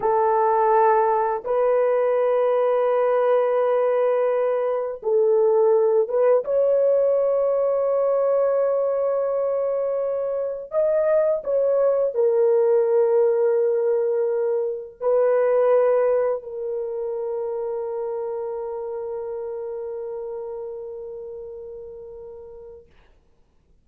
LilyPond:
\new Staff \with { instrumentName = "horn" } { \time 4/4 \tempo 4 = 84 a'2 b'2~ | b'2. a'4~ | a'8 b'8 cis''2.~ | cis''2. dis''4 |
cis''4 ais'2.~ | ais'4 b'2 ais'4~ | ais'1~ | ais'1 | }